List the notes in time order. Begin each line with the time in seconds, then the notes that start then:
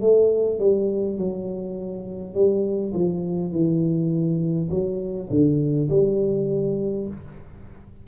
0.00 A3
0.59 G3
1.18 F#3
2.34 G3
2.94 F3
3.51 E3
4.70 F#3
5.30 D3
5.90 G3